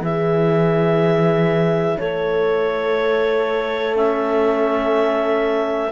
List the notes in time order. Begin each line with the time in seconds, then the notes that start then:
0.00 E3 E4 G#4 E5
1.98 A3 A4 C#5
3.95 C#4 E5